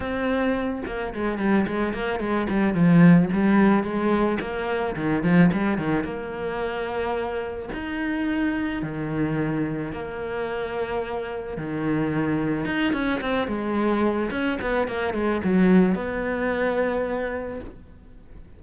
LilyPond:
\new Staff \with { instrumentName = "cello" } { \time 4/4 \tempo 4 = 109 c'4. ais8 gis8 g8 gis8 ais8 | gis8 g8 f4 g4 gis4 | ais4 dis8 f8 g8 dis8 ais4~ | ais2 dis'2 |
dis2 ais2~ | ais4 dis2 dis'8 cis'8 | c'8 gis4. cis'8 b8 ais8 gis8 | fis4 b2. | }